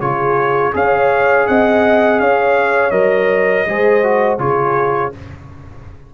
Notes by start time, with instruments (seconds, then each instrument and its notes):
0.00 tuba C#3, trombone F4, horn G#4, trumpet C#5
0.73 tuba C#4, trombone G#4, horn C#5, trumpet F5
1.47 tuba C4, horn D#5, trumpet F#5
2.20 tuba C#4, horn C#5, trumpet F5
2.91 tuba F#3, trombone A#4, trumpet D#5
3.66 tuba G#3, trombone G#4, horn C5
4.04 trombone F#4
4.38 tuba C#3, trombone F4, horn G#4, trumpet C#5